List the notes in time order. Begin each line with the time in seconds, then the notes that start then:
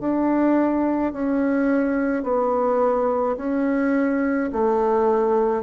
0.00 D4
1.13 C#4
2.23 B3
3.37 C#4
4.52 A3